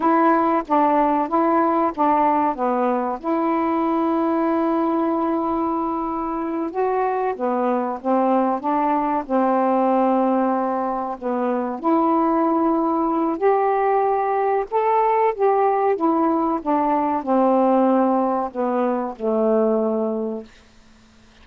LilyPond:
\new Staff \with { instrumentName = "saxophone" } { \time 4/4 \tempo 4 = 94 e'4 d'4 e'4 d'4 | b4 e'2.~ | e'2~ e'8 fis'4 b8~ | b8 c'4 d'4 c'4.~ |
c'4. b4 e'4.~ | e'4 g'2 a'4 | g'4 e'4 d'4 c'4~ | c'4 b4 a2 | }